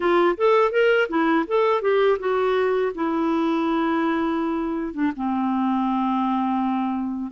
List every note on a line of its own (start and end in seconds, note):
0.00 0.35 F4
0.37 0.71 A4
0.71 1.08 A#4
1.08 1.45 E4
1.47 1.81 A4
1.81 2.18 G4
2.19 2.92 F#4
2.94 4.93 E4
4.93 5.12 D4
5.16 7.31 C4